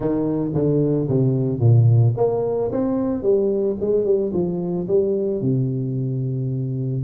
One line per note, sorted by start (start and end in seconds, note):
0.00 0.52 D#3
0.54 1.08 D3
1.08 1.59 C3
1.59 2.14 A#2
2.16 2.71 A#3
2.71 3.22 C4
3.22 3.76 G3
3.80 4.04 G#3
4.04 4.31 G3
4.33 4.87 F3
4.87 5.41 G3
5.41 7.03 C3